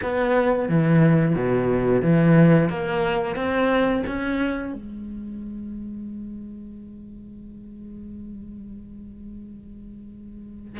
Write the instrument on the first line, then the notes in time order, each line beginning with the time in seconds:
cello
0.02 B3
0.68 E3
1.35 B2
2.02 E3
2.69 A#3
3.35 C4
4.06 C#4
4.73 G#3